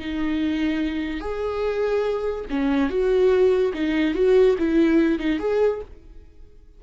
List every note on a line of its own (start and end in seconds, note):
0.00 1.21 D#4
1.21 2.45 G#4
2.51 2.90 C#4
2.90 3.73 F#4
3.74 4.15 D#4
4.15 4.56 F#4
4.59 5.19 E4
5.19 5.40 D#4
5.40 5.81 G#4